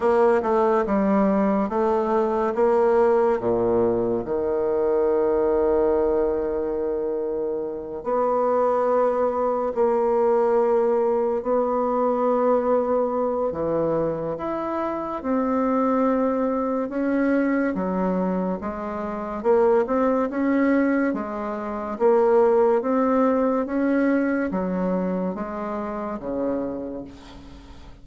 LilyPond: \new Staff \with { instrumentName = "bassoon" } { \time 4/4 \tempo 4 = 71 ais8 a8 g4 a4 ais4 | ais,4 dis2.~ | dis4. b2 ais8~ | ais4. b2~ b8 |
e4 e'4 c'2 | cis'4 fis4 gis4 ais8 c'8 | cis'4 gis4 ais4 c'4 | cis'4 fis4 gis4 cis4 | }